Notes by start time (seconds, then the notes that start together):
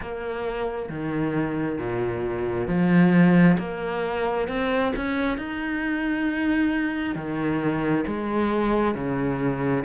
0.01 A#3
0.89 D#3
1.78 A#2
2.67 F3
3.58 A#3
4.48 C4
4.96 C#4
5.37 D#4
7.15 D#3
8.06 G#3
8.94 C#3